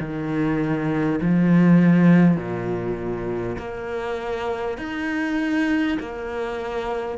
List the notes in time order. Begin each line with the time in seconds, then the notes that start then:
0.00 D#3
1.21 F3
2.36 A#2
3.58 A#3
4.78 D#4
5.99 A#3